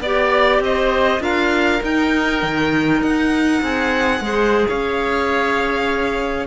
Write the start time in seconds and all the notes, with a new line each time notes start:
0.00 B3 G4 D5
0.59 C4 C5 D#5
1.20 D4 F4 A#4 F5
1.83 D#4 G5
2.43 D#3
3.01 D#4 F#5
3.62 C4 G#4
4.20 G#3 G#4 C5
4.69 C#4 C#5 F5